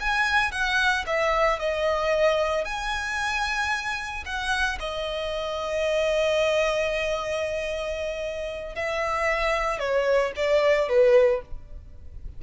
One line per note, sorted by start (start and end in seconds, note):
0.00 0.52 G#5
0.52 1.05 F#5
1.06 1.59 E5
1.59 2.65 D#5
2.65 4.24 G#5
4.26 4.79 F#5
4.80 8.75 D#5
8.75 9.79 E5
9.79 10.32 C#5
10.36 10.89 D5
10.89 11.42 B4